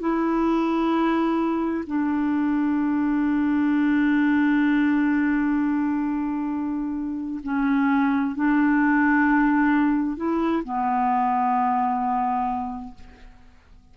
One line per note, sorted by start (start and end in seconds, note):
0.00 1.85 E4
1.87 7.41 D4
7.44 8.36 C#4
8.36 10.17 D4
10.17 10.63 E4
10.64 12.95 B3